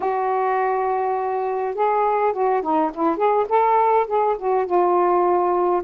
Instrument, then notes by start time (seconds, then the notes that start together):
saxophone
0.00 F#4
1.74 G#4
2.32 F#4
2.62 D#4
2.94 E4
3.16 G#4
3.48 A4
4.07 G#4
4.38 F#4
4.66 F4